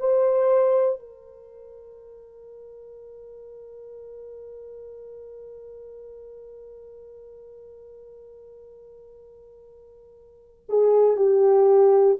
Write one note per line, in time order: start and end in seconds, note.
0.00 0.99 C5
0.99 10.65 A#4
10.69 11.17 G#4
11.17 12.18 G4